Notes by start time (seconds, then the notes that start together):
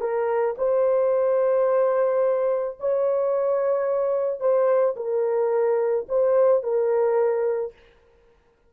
0.00 A#4
0.57 C5
2.79 C#5
4.40 C5
4.96 A#4
6.09 C5
6.63 A#4